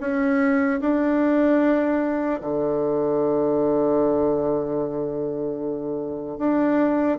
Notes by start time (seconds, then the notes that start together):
0.00 C#4
0.81 D4
2.41 D3
6.38 D4